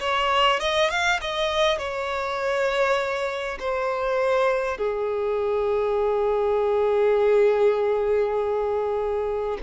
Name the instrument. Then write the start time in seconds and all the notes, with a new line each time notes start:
violin
0.00 C#5
0.60 D#5
0.90 F5
1.21 D#5
1.78 C#5
3.59 C5
4.78 G#4